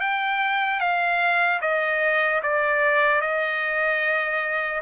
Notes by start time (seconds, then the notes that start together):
0.00 G5
0.80 F5
1.61 D#5
2.42 D5
3.21 D#5